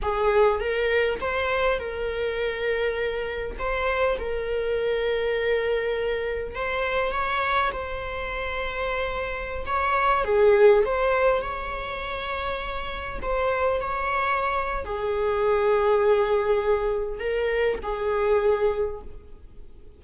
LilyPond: \new Staff \with { instrumentName = "viola" } { \time 4/4 \tempo 4 = 101 gis'4 ais'4 c''4 ais'4~ | ais'2 c''4 ais'4~ | ais'2. c''4 | cis''4 c''2.~ |
c''16 cis''4 gis'4 c''4 cis''8.~ | cis''2~ cis''16 c''4 cis''8.~ | cis''4 gis'2.~ | gis'4 ais'4 gis'2 | }